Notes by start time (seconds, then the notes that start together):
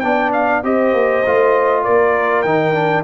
0.00 B3 D4 D5 G5
0.32 F5
0.63 C4 G4 C5 D#5
0.93 A#3
1.26 A3 F4
1.83 A#3 A#4 D5
2.42 D#3 D#4 G5
2.74 D4